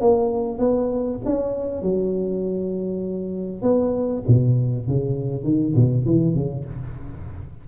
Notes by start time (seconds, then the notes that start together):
0.00 A#3
0.58 B3
1.25 C#4
1.82 F#3
3.62 B3
4.27 B2
4.87 C#3
5.44 D#3
5.75 B2
6.05 E3
6.34 C#3